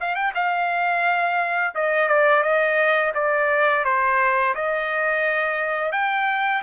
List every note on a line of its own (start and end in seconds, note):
0.00 0.15 F5
0.15 0.33 G5
0.35 1.74 F5
1.75 2.08 D#5
2.08 2.43 D5
2.43 3.12 D#5
3.14 3.84 D5
3.84 4.54 C5
4.55 5.92 D#5
5.92 6.62 G5